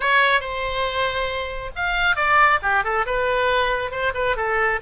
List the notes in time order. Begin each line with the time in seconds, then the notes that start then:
0.00 C#5
0.40 C5
1.75 F5
2.15 D5
2.62 G4
2.84 A4
3.06 B4
3.91 C5
4.14 B4
4.36 A4